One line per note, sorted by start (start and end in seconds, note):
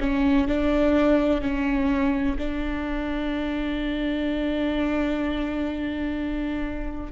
0.00 0.48 C#4
0.48 1.41 D4
1.41 2.36 C#4
2.38 7.12 D4